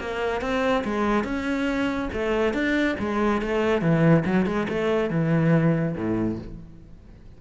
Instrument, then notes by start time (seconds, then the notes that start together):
cello
0.00 A#3
0.41 C4
0.84 G#3
1.24 C#4
2.13 A3
2.53 D4
2.99 G#3
3.41 A3
3.82 E3
4.25 F#3
4.46 G#3
4.69 A3
5.10 E3
5.96 A2